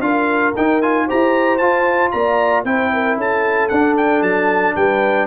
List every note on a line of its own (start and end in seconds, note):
0.00 0.53 D4
0.00 0.53 F4
0.00 1.06 A#4
0.00 0.53 F5
0.56 0.82 D#4
0.56 1.09 D#4
0.56 0.81 G5
0.81 1.08 F4
0.81 1.08 G#5
1.06 1.60 G4
1.06 2.12 C5
1.06 1.58 A#5
1.13 1.60 E4
1.58 2.12 F4
1.58 2.65 F4
1.58 2.10 A5
2.11 2.64 A#3
2.11 2.65 D5
2.11 2.64 A#5
2.64 3.17 C4
2.64 3.70 E4
2.64 2.92 C5
2.64 3.17 G5
2.93 3.17 A#4
3.17 3.69 C#4
3.17 4.75 A4
3.17 3.68 A5
3.68 4.21 D4
3.68 5.26 D4
3.68 3.95 F#5
3.97 4.22 G5
4.21 4.74 F#3
4.21 4.75 A5
4.75 5.26 G3
4.75 5.26 B4
4.75 5.26 G5